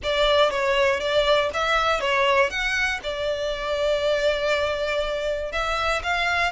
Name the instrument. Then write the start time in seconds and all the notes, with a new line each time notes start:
violin
0.02 D5
0.50 C#5
1.00 D5
1.53 E5
2.00 C#5
2.50 F#5
3.02 D5
5.52 E5
6.03 F5